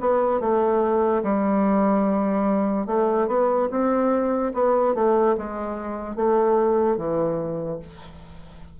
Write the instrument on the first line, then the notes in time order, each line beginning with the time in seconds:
bassoon
0.00 B3
0.40 A3
1.23 G3
2.86 A3
3.27 B3
3.70 C4
4.53 B3
4.94 A3
5.37 G#3
6.15 A3
6.97 E3